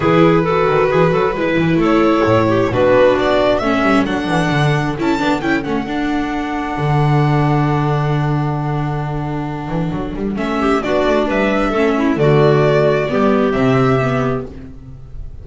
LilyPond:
<<
  \new Staff \with { instrumentName = "violin" } { \time 4/4 \tempo 4 = 133 b'1 | cis''2 b'4 d''4 | e''4 fis''2 a''4 | g''8 fis''2.~ fis''8~ |
fis''1~ | fis''2. e''4 | d''4 e''2 d''4~ | d''2 e''2 | }
  \new Staff \with { instrumentName = "clarinet" } { \time 4/4 gis'4 a'4 gis'8 a'8 b'4 | a'4. g'8 fis'2 | a'1~ | a'1~ |
a'1~ | a'2.~ a'8 g'8 | fis'4 b'4 a'8 e'8 fis'4~ | fis'4 g'2. | }
  \new Staff \with { instrumentName = "viola" } { \time 4/4 e'4 fis'2 e'4~ | e'2 d'2 | cis'4 d'2 e'8 d'8 | e'8 cis'8 d'2.~ |
d'1~ | d'2. cis'4 | d'2 cis'4 a4~ | a4 b4 c'4 b4 | }
  \new Staff \with { instrumentName = "double bass" } { \time 4/4 e4. dis8 e8 fis8 gis8 e8 | a4 a,4 b,4 b4 | a8 g8 fis8 e8 d4 cis'8 b8 | cis'8 a8 d'2 d4~ |
d1~ | d4. e8 fis8 g8 a4 | b8 a8 g4 a4 d4~ | d4 g4 c2 | }
>>